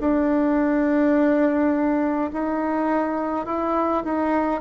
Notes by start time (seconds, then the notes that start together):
0.00 D4
2.33 D#4
3.46 E4
4.04 D#4